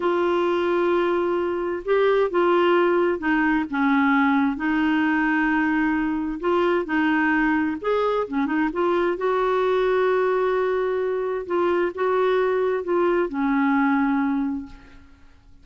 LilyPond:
\new Staff \with { instrumentName = "clarinet" } { \time 4/4 \tempo 4 = 131 f'1 | g'4 f'2 dis'4 | cis'2 dis'2~ | dis'2 f'4 dis'4~ |
dis'4 gis'4 cis'8 dis'8 f'4 | fis'1~ | fis'4 f'4 fis'2 | f'4 cis'2. | }